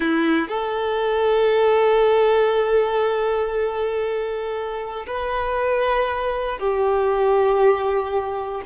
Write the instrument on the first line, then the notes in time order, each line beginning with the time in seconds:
violin
0.00 E4
0.48 A4
5.06 B4
6.58 G4